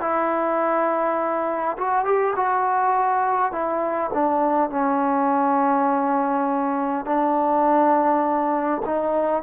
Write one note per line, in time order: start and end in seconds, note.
0.00 1.76 E4
1.78 2.04 F#4
2.04 2.34 G4
2.36 3.52 F#4
3.52 4.11 E4
4.13 4.70 D4
4.70 7.05 C#4
7.05 8.82 D4
8.86 9.42 D#4